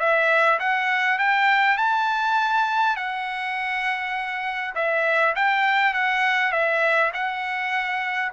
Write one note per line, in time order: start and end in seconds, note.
0.00 0.59 E5
0.59 1.19 F#5
1.19 1.78 G5
1.78 2.96 A5
2.96 4.74 F#5
4.76 5.35 E5
5.36 5.94 G5
5.94 6.52 F#5
6.52 7.12 E5
7.14 8.32 F#5